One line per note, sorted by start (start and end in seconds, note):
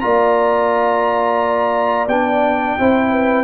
0.00 2.07 A#3
0.00 2.07 F4
0.00 2.78 D5
0.00 2.07 A#5
2.07 2.76 B3
2.07 2.78 D4
2.07 3.44 G5
2.78 3.44 C4
2.78 3.44 E4
2.78 3.11 C5
3.11 3.44 B4